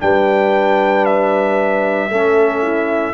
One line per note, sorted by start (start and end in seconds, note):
0.00 2.10 G3
0.00 2.11 D4
0.00 2.11 B4
0.00 1.06 G5
1.06 3.14 E5
2.10 3.14 A3
2.10 3.14 C#4
2.10 2.63 A4
2.63 3.14 E4